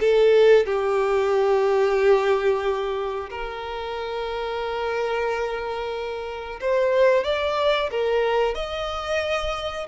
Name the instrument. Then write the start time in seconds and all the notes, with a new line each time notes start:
violin
0.00 A4
0.66 G4
3.30 A#4
6.61 C5
7.24 D5
7.91 A#4
8.55 D#5